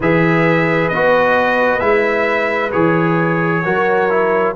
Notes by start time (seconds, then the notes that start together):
0.00 E3 G#4 B4 E5
0.88 B3 F#4 D#5
1.79 G#3 E4 E5
2.71 E3 G#4 C#5
3.64 F#3 F#4 A#4
4.10 E4